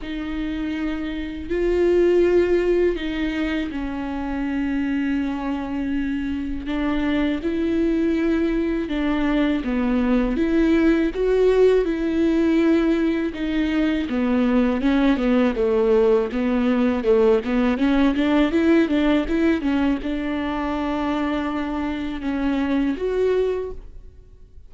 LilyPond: \new Staff \with { instrumentName = "viola" } { \time 4/4 \tempo 4 = 81 dis'2 f'2 | dis'4 cis'2.~ | cis'4 d'4 e'2 | d'4 b4 e'4 fis'4 |
e'2 dis'4 b4 | cis'8 b8 a4 b4 a8 b8 | cis'8 d'8 e'8 d'8 e'8 cis'8 d'4~ | d'2 cis'4 fis'4 | }